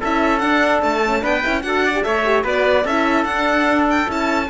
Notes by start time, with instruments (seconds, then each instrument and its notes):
0.00 cello C#4, horn E4, trumpet A4, violin E5
0.39 horn D4, cello D4, violin F#5
0.82 cello A3, violin A5
1.06 horn C#4
1.22 cello B3, horn D4, trumpet B4, violin G5
1.43 cello C#4, horn E4
1.62 cello D4, horn F#4, trumpet A4, violin F#5
1.85 trumpet D5
1.94 horn G4
2.03 cello A3, horn A4, trumpet C#5, violin E5
2.25 horn G4
2.44 cello B3, horn F#4, trumpet B4, violin D5
2.85 cello C#4, horn E4, trumpet A4, violin E5
3.25 cello D4, horn D4, violin F#5
3.90 violin G5
4.07 cello C#4, horn E4, violin A5